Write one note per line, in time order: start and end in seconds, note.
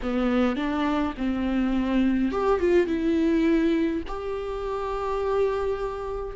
0.02 0.56 B3
0.56 1.14 D4
1.17 2.31 C4
2.31 2.60 G4
2.60 2.87 F4
2.87 4.02 E4
4.07 6.36 G4